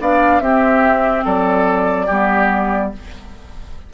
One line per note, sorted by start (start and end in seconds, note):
0.00 0.41 B3
0.00 0.41 D4
0.00 0.43 D5
0.00 0.41 F5
0.41 1.24 C4
0.41 2.08 C4
0.41 1.25 G4
0.41 1.24 E5
1.25 2.09 F#3
1.25 2.07 A4
1.25 2.92 D5
2.07 2.94 G3
2.07 2.93 B3
2.07 2.90 G4